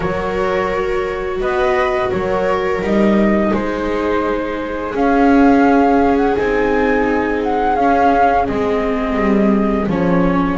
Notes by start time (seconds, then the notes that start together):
0.00 F#3 F#4 A#4 C#5
1.40 B3 B4 D#5
2.09 F#3 A#4 C#5
2.81 G3 D#4 D#5
3.53 G#3 G#4 C5
4.94 C#4 F5
6.16 F#5
6.35 C4 D#4 G#5
7.43 F#5
7.75 C#4 F5
8.47 G#3 C4 D#5
9.16 G3
9.87 F3 C#4 C#5